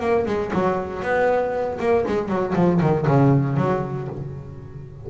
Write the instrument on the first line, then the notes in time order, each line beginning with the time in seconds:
double bass
0.00 A#3
0.26 G#3
0.53 F#3
1.02 B3
1.79 A#3
2.07 G#3
2.28 F#3
2.55 F3
2.81 D#3
3.07 C#3
3.57 F#3